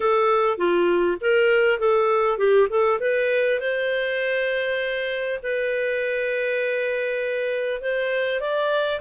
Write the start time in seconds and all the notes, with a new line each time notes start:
0.00 A4
0.57 F4
1.20 A#4
1.79 A4
2.38 G4
2.69 A4
3.00 B4
3.60 C5
5.42 B4
7.81 C5
8.40 D5